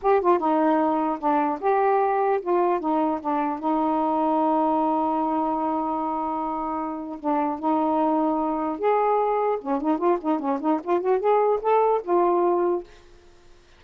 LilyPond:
\new Staff \with { instrumentName = "saxophone" } { \time 4/4 \tempo 4 = 150 g'8 f'8 dis'2 d'4 | g'2 f'4 dis'4 | d'4 dis'2.~ | dis'1~ |
dis'2 d'4 dis'4~ | dis'2 gis'2 | cis'8 dis'8 f'8 dis'8 cis'8 dis'8 f'8 fis'8 | gis'4 a'4 f'2 | }